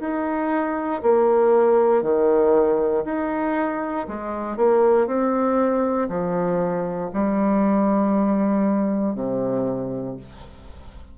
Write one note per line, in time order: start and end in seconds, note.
0.00 1.02 D#4
1.03 2.03 A#3
2.03 3.05 D#3
3.05 4.07 D#4
4.09 4.57 G#3
4.57 5.07 A#3
5.07 6.09 C4
6.09 7.11 F3
7.14 9.15 G3
9.15 10.17 C3